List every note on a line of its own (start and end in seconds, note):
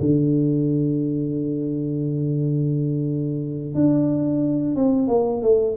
0.00 3.74 D3
3.74 4.75 D4
4.75 5.08 C4
5.08 5.42 A#3
5.42 5.76 A3